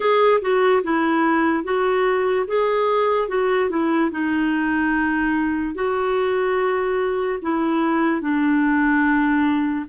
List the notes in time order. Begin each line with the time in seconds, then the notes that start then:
0.00 G#4
0.41 F#4
0.83 E4
1.64 F#4
2.47 G#4
3.28 F#4
3.69 E4
4.11 D#4
5.74 F#4
7.42 E4
8.21 D4